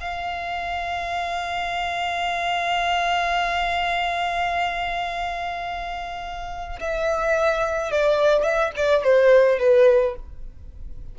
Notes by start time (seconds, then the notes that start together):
0.00 F5
6.80 E5
7.91 D5
8.43 E5
8.76 D5
9.04 C5
9.59 B4